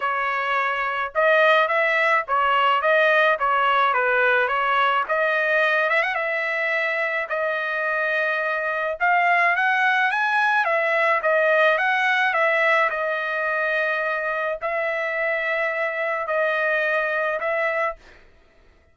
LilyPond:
\new Staff \with { instrumentName = "trumpet" } { \time 4/4 \tempo 4 = 107 cis''2 dis''4 e''4 | cis''4 dis''4 cis''4 b'4 | cis''4 dis''4. e''16 fis''16 e''4~ | e''4 dis''2. |
f''4 fis''4 gis''4 e''4 | dis''4 fis''4 e''4 dis''4~ | dis''2 e''2~ | e''4 dis''2 e''4 | }